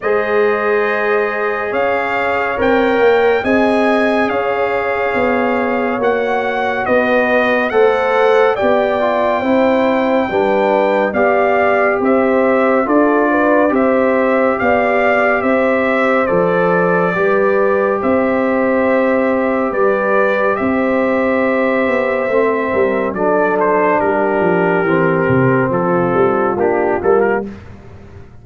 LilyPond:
<<
  \new Staff \with { instrumentName = "trumpet" } { \time 4/4 \tempo 4 = 70 dis''2 f''4 g''4 | gis''4 f''2 fis''4 | dis''4 fis''4 g''2~ | g''4 f''4 e''4 d''4 |
e''4 f''4 e''4 d''4~ | d''4 e''2 d''4 | e''2. d''8 c''8 | ais'2 a'4 g'8 a'16 ais'16 | }
  \new Staff \with { instrumentName = "horn" } { \time 4/4 c''2 cis''2 | dis''4 cis''2. | b'4 c''4 d''4 c''4 | b'4 d''4 c''4 a'8 b'8 |
c''4 d''4 c''2 | b'4 c''2 b'4 | c''2~ c''8 ais'8 a'4 | g'2 f'2 | }
  \new Staff \with { instrumentName = "trombone" } { \time 4/4 gis'2. ais'4 | gis'2. fis'4~ | fis'4 a'4 g'8 f'8 e'4 | d'4 g'2 f'4 |
g'2. a'4 | g'1~ | g'2 c'4 d'4~ | d'4 c'2 d'8 ais8 | }
  \new Staff \with { instrumentName = "tuba" } { \time 4/4 gis2 cis'4 c'8 ais8 | c'4 cis'4 b4 ais4 | b4 a4 b4 c'4 | g4 b4 c'4 d'4 |
c'4 b4 c'4 f4 | g4 c'2 g4 | c'4. b8 a8 g8 fis4 | g8 f8 e8 c8 f8 g8 ais8 g8 | }
>>